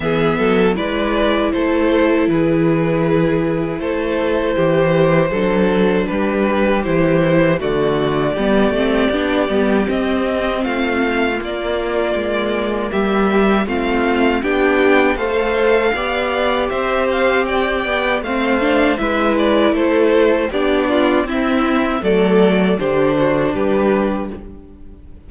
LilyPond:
<<
  \new Staff \with { instrumentName = "violin" } { \time 4/4 \tempo 4 = 79 e''4 d''4 c''4 b'4~ | b'4 c''2. | b'4 c''4 d''2~ | d''4 dis''4 f''4 d''4~ |
d''4 e''4 f''4 g''4 | f''2 e''8 f''8 g''4 | f''4 e''8 d''8 c''4 d''4 | e''4 d''4 c''4 b'4 | }
  \new Staff \with { instrumentName = "violin" } { \time 4/4 gis'8 a'8 b'4 a'4 gis'4~ | gis'4 a'4 g'4 a'4 | g'2 fis'4 g'4~ | g'2 f'2~ |
f'4 g'4 f'4 g'4 | c''4 d''4 c''4 d''4 | c''4 b'4 a'4 g'8 f'8 | e'4 a'4 g'8 fis'8 g'4 | }
  \new Staff \with { instrumentName = "viola" } { \time 4/4 b4 e'2.~ | e'2. d'4~ | d'4 e'4 a4 b8 c'8 | d'8 b8 c'2 ais4~ |
ais2 c'4 d'4 | a'4 g'2. | c'8 d'8 e'2 d'4 | c'4 a4 d'2 | }
  \new Staff \with { instrumentName = "cello" } { \time 4/4 e8 fis8 gis4 a4 e4~ | e4 a4 e4 fis4 | g4 e4 d4 g8 a8 | b8 g8 c'4 a4 ais4 |
gis4 g4 a4 b4 | a4 b4 c'4. b8 | a4 gis4 a4 b4 | c'4 fis4 d4 g4 | }
>>